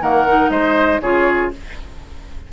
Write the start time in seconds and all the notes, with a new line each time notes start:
0.00 D#3 A#3 A#4 F#5
0.27 D#4
0.49 G#3 C5 D#5
1.00 C#3 F4 G#4 C#5